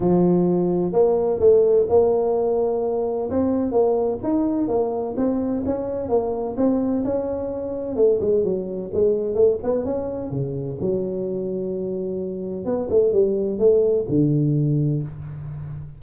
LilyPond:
\new Staff \with { instrumentName = "tuba" } { \time 4/4 \tempo 4 = 128 f2 ais4 a4 | ais2. c'4 | ais4 dis'4 ais4 c'4 | cis'4 ais4 c'4 cis'4~ |
cis'4 a8 gis8 fis4 gis4 | a8 b8 cis'4 cis4 fis4~ | fis2. b8 a8 | g4 a4 d2 | }